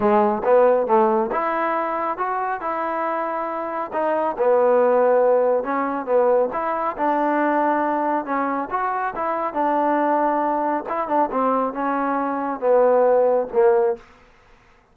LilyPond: \new Staff \with { instrumentName = "trombone" } { \time 4/4 \tempo 4 = 138 gis4 b4 a4 e'4~ | e'4 fis'4 e'2~ | e'4 dis'4 b2~ | b4 cis'4 b4 e'4 |
d'2. cis'4 | fis'4 e'4 d'2~ | d'4 e'8 d'8 c'4 cis'4~ | cis'4 b2 ais4 | }